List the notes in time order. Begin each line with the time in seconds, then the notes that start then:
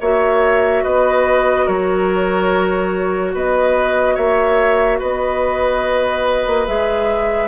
0.00 A#3 F#4 C#5 E5
0.84 B3 B4 D#5
1.65 F#3 A#4 C#5
3.34 B3 B4 D#5
4.15 A#3 C#5 E5
4.99 B3 B4 D#5
6.46 A#3
6.67 G#3 G#4 E5